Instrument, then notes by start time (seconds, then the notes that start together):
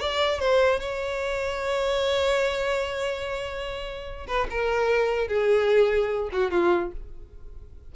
violin
0.00 D5
0.40 C5
0.80 C#5
4.27 B4
4.51 A#4
5.28 G#4
6.32 F#4
6.51 F4